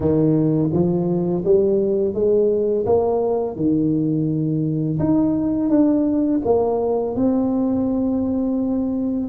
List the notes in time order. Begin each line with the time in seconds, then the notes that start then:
0.00 D#3
0.72 F3
1.44 G3
2.14 G#3
2.85 A#3
3.56 D#3
4.99 D#4
5.69 D4
6.44 A#3
7.15 C4